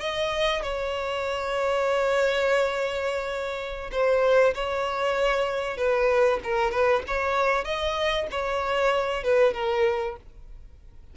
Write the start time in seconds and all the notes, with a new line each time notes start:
0.00 D#5
0.62 C#5
3.91 C5
4.54 C#5
5.77 B4
6.43 A#4
6.71 B4
7.07 C#5
7.64 D#5
8.31 C#5
9.24 B4
9.54 A#4